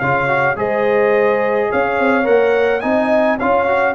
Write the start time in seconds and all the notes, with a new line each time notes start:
0.00 C#3 F4 C#5 F5
0.29 F#4
0.56 G#3 G#4 C5 D#5
1.70 C#4 C#5 F5
2.00 C4
2.24 A#3 A#4 F#5
2.81 C4 D#4 D#5 G#5
3.38 C#4 F4 C#5 F5
3.68 F#4